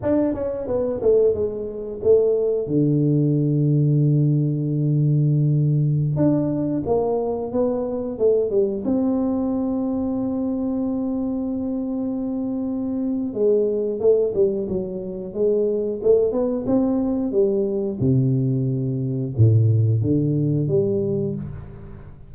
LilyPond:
\new Staff \with { instrumentName = "tuba" } { \time 4/4 \tempo 4 = 90 d'8 cis'8 b8 a8 gis4 a4 | d1~ | d4~ d16 d'4 ais4 b8.~ | b16 a8 g8 c'2~ c'8.~ |
c'1 | gis4 a8 g8 fis4 gis4 | a8 b8 c'4 g4 c4~ | c4 a,4 d4 g4 | }